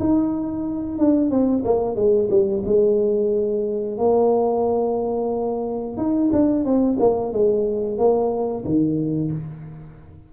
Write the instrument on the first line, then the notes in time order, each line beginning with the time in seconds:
tuba
0.00 D#4
0.99 D4
1.31 C4
1.65 A#3
1.96 G#3
2.30 G3
2.65 G#3
3.98 A#3
5.98 D#4
6.33 D4
6.65 C4
7.00 A#3
7.33 G#3
7.98 A#3
8.65 D#3